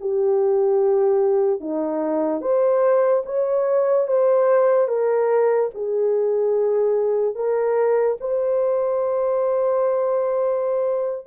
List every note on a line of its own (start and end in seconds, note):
0.00 1.60 G4
1.60 2.41 D#4
2.41 3.23 C5
3.25 4.07 C#5
4.07 4.88 C5
4.88 5.70 A#4
5.74 7.35 G#4
7.35 8.17 A#4
8.20 11.26 C5